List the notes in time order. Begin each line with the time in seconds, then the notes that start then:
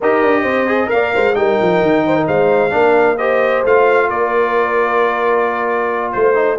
0.00 D#4 G4 A#4 D#5
0.22 D4
0.42 C4 C5
0.67 G#4
0.87 A#3 A#4 D5 F5
1.14 G#3 C5
1.35 G3 D#4 A#4 G5
1.61 F3
1.82 D#3
2.06 C5
2.15 A#4
2.27 G#3 C5 F5
2.70 A#3 D4 A#4
3.16 G4 C5 D#5
3.64 A3 F4 F5
4.09 A#3 A#4 D5
6.12 A3 C5
6.34 D#4